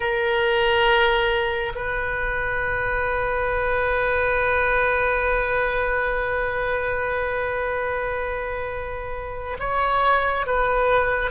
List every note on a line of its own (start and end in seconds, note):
0.00 1.72 A#4
1.75 9.57 B4
9.59 10.46 C#5
10.46 11.30 B4